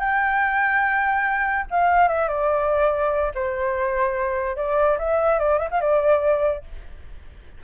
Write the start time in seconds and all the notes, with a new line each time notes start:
0.00 G5
1.71 F5
2.08 E5
2.29 D5
3.35 C5
4.57 D5
4.99 E5
5.39 D5
5.59 E5
5.71 F5
5.81 D5